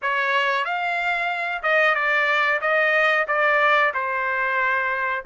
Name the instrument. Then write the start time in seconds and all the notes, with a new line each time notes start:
trumpet
0.02 C#5
0.64 F5
1.62 D#5
1.94 D5
2.61 D#5
3.27 D5
3.94 C5